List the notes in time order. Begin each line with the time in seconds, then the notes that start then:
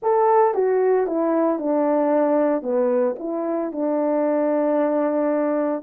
0.02 A4
0.54 F#4
1.06 E4
1.58 D4
2.62 B3
3.18 E4
3.72 D4